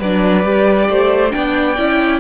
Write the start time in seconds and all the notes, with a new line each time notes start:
0.00 F#3 D4 B4 D5
0.44 G3 G4
0.89 A3 C5
1.31 B3 D4 D5 G5
1.78 C#4 E4